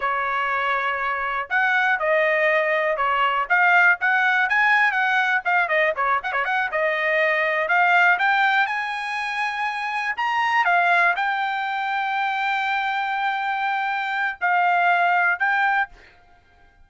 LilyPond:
\new Staff \with { instrumentName = "trumpet" } { \time 4/4 \tempo 4 = 121 cis''2. fis''4 | dis''2 cis''4 f''4 | fis''4 gis''4 fis''4 f''8 dis''8 | cis''8 fis''16 cis''16 fis''8 dis''2 f''8~ |
f''8 g''4 gis''2~ gis''8~ | gis''8 ais''4 f''4 g''4.~ | g''1~ | g''4 f''2 g''4 | }